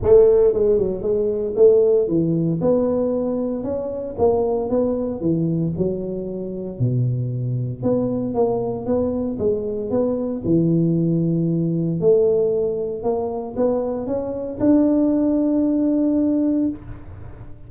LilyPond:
\new Staff \with { instrumentName = "tuba" } { \time 4/4 \tempo 4 = 115 a4 gis8 fis8 gis4 a4 | e4 b2 cis'4 | ais4 b4 e4 fis4~ | fis4 b,2 b4 |
ais4 b4 gis4 b4 | e2. a4~ | a4 ais4 b4 cis'4 | d'1 | }